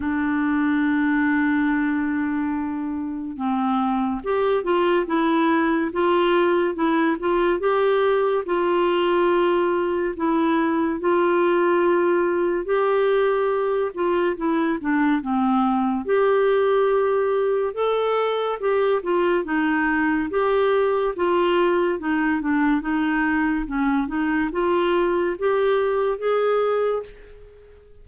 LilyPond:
\new Staff \with { instrumentName = "clarinet" } { \time 4/4 \tempo 4 = 71 d'1 | c'4 g'8 f'8 e'4 f'4 | e'8 f'8 g'4 f'2 | e'4 f'2 g'4~ |
g'8 f'8 e'8 d'8 c'4 g'4~ | g'4 a'4 g'8 f'8 dis'4 | g'4 f'4 dis'8 d'8 dis'4 | cis'8 dis'8 f'4 g'4 gis'4 | }